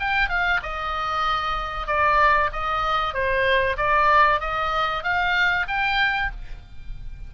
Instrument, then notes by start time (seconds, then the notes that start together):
oboe
0.00 G5
0.29 F5
0.63 D#5
1.87 D5
2.53 D#5
3.14 C5
3.78 D5
4.40 D#5
5.04 F5
5.68 G5